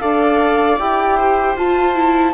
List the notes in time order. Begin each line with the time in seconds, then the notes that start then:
0.00 D4 A4 D5 F5
0.79 E4 G4 G5
1.18 C5
1.56 F4 A5
1.95 E4